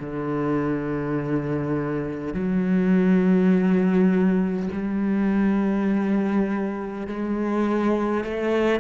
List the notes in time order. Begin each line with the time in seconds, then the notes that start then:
0.00 D3
2.34 F#3
4.72 G3
7.07 G#3
8.25 A3